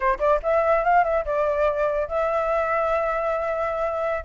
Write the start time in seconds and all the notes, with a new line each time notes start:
0.00 C5
0.19 D5
0.43 E5
0.84 F5
1.04 E5
1.25 D5
2.08 E5